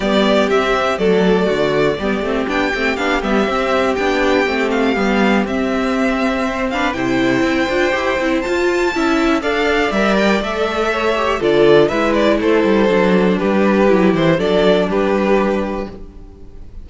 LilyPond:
<<
  \new Staff \with { instrumentName = "violin" } { \time 4/4 \tempo 4 = 121 d''4 e''4 d''2~ | d''4 g''4 f''8 e''4. | g''4. f''4. e''4~ | e''4. f''8 g''2~ |
g''4 a''2 f''4 | e''8 g''8 e''2 d''4 | e''8 d''8 c''2 b'4~ | b'8 c''8 d''4 b'2 | }
  \new Staff \with { instrumentName = "violin" } { \time 4/4 g'2 a'4 fis'4 | g'1~ | g'1~ | g'4 c''8 b'8 c''2~ |
c''2 e''4 d''4~ | d''2 cis''4 a'4 | b'4 a'2 g'4~ | g'4 a'4 g'2 | }
  \new Staff \with { instrumentName = "viola" } { \time 4/4 b4 c'4 a2 | b8 c'8 d'8 c'8 d'8 b8 c'4 | d'4 c'4 b4 c'4~ | c'4. d'8 e'4. f'8 |
g'8 e'8 f'4 e'4 a'4 | ais'4 a'4. g'8 f'4 | e'2 d'2 | e'4 d'2. | }
  \new Staff \with { instrumentName = "cello" } { \time 4/4 g4 c'4 fis4 d4 | g8 a8 b8 a8 b8 g8 c'4 | b4 a4 g4 c'4~ | c'2 c4 c'8 d'8 |
e'8 c'8 f'4 cis'4 d'4 | g4 a2 d4 | gis4 a8 g8 fis4 g4 | fis8 e8 fis4 g2 | }
>>